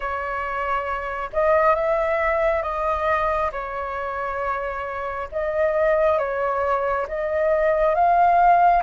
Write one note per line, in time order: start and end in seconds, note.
0.00 1.30 C#5
1.32 1.74 D#5
1.74 2.62 E5
2.62 3.51 D#5
3.51 5.28 C#5
5.31 6.18 D#5
6.18 7.06 C#5
7.07 7.94 D#5
7.94 8.82 F5